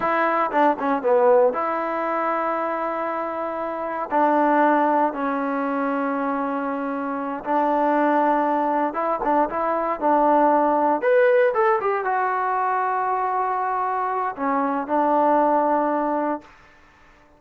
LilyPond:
\new Staff \with { instrumentName = "trombone" } { \time 4/4 \tempo 4 = 117 e'4 d'8 cis'8 b4 e'4~ | e'1 | d'2 cis'2~ | cis'2~ cis'8 d'4.~ |
d'4. e'8 d'8 e'4 d'8~ | d'4. b'4 a'8 g'8 fis'8~ | fis'1 | cis'4 d'2. | }